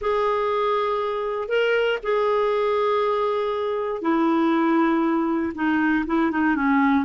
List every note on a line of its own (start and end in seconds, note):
0.01 1.48 G#4
1.48 1.98 A#4
2.02 4.01 G#4
4.01 5.53 E4
5.55 6.05 D#4
6.06 6.31 E4
6.31 6.55 D#4
6.55 7.05 C#4